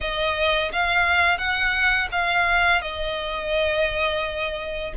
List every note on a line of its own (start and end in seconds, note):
0.00 0.71 D#5
0.72 1.38 F5
1.38 2.08 F#5
2.11 2.81 F5
2.81 4.93 D#5